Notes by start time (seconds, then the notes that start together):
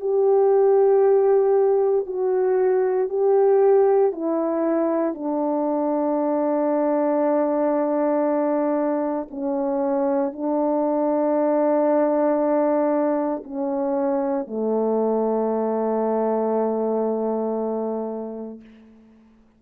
0.00 G4
2.06 F#4
3.09 G4
4.12 E4
5.14 D4
9.31 C#4
10.33 D4
13.44 C#4
14.47 A3